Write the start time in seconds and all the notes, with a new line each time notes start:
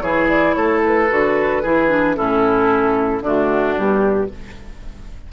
0.00 E3 E4 G#4 C#5
0.28 D5
0.53 A3 A4 C#5
0.85 B4
1.09 D3 F#4
1.62 E3 E4 G#4
1.88 D4
2.15 A2 C#4 E4 A4
3.21 D3 A3 D4 F#4
3.75 B2 G3 G4